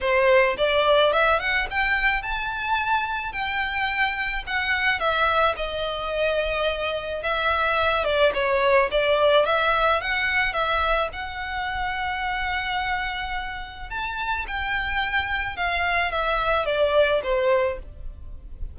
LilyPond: \new Staff \with { instrumentName = "violin" } { \time 4/4 \tempo 4 = 108 c''4 d''4 e''8 fis''8 g''4 | a''2 g''2 | fis''4 e''4 dis''2~ | dis''4 e''4. d''8 cis''4 |
d''4 e''4 fis''4 e''4 | fis''1~ | fis''4 a''4 g''2 | f''4 e''4 d''4 c''4 | }